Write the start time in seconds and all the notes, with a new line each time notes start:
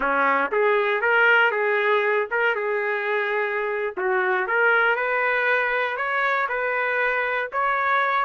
0.00 C#4
0.51 G#4
1.01 A#4
1.51 G#4
2.30 A#4
2.55 G#4
3.97 F#4
4.47 A#4
4.96 B4
5.96 C#5
6.48 B4
7.52 C#5